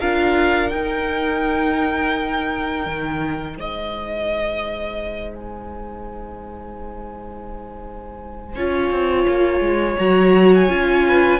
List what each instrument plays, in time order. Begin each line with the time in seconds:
0.00 cello D4, viola F4, violin A#4 F5
0.69 viola D#4, cello D#4, violin G5
2.86 cello D#3
3.57 cello G#3, violin C5 D#5
5.35 violin G#5
8.55 cello C#4, viola F4, violin C#5
8.90 cello C4
9.28 cello A#3
9.60 cello G#3
9.99 cello F#3, viola F#4, violin A#5
10.55 violin G#5
10.69 cello C#4, viola F4
11.08 violin B4